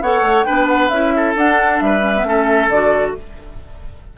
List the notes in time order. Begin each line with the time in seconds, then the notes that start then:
0.00 B3 A4 C#5 F#5
0.21 A3
0.44 B3 D4 B4 G5
0.68 F#5
0.89 C#4 E4 E5
1.16 A4
1.35 D4 F#5
1.80 G3 B4 E5
2.01 C#4
2.16 B3
2.23 A3 C#4 A4
2.69 D3 F#4 D5